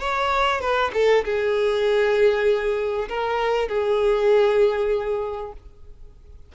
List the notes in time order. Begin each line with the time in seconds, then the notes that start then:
0.00 C#5
0.60 B4
0.94 A4
1.25 G#4
3.09 A#4
3.68 G#4